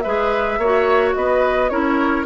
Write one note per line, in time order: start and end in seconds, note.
0.00 0.58 G#3
0.00 0.61 G#4
0.00 0.59 B4
0.00 1.11 E5
0.58 1.13 A#3
0.58 1.70 F#4
0.58 1.15 C#5
1.13 1.70 B3
1.13 1.71 B4
1.13 1.69 D#5
1.69 2.26 C#4
1.69 2.25 E4
1.69 2.26 A#4
1.69 2.25 C#5